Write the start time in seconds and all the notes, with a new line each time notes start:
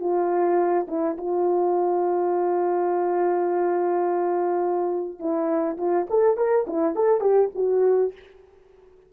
0.00 F4
0.88 E4
1.17 F4
5.19 E4
5.77 F4
6.10 A4
6.37 A#4
6.67 E4
6.95 A4
7.21 G4
7.55 F#4